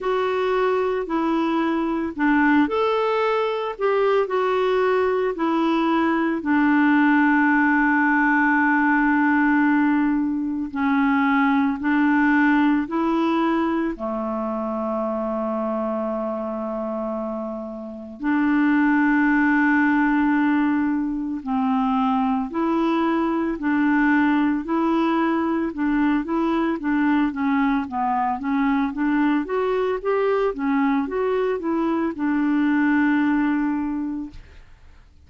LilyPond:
\new Staff \with { instrumentName = "clarinet" } { \time 4/4 \tempo 4 = 56 fis'4 e'4 d'8 a'4 g'8 | fis'4 e'4 d'2~ | d'2 cis'4 d'4 | e'4 a2.~ |
a4 d'2. | c'4 e'4 d'4 e'4 | d'8 e'8 d'8 cis'8 b8 cis'8 d'8 fis'8 | g'8 cis'8 fis'8 e'8 d'2 | }